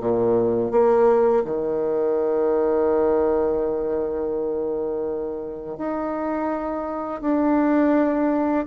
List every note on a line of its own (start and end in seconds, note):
0.00 0.71 A#2
0.71 1.43 A#3
1.44 5.77 D#3
5.77 7.21 D#4
7.21 8.65 D4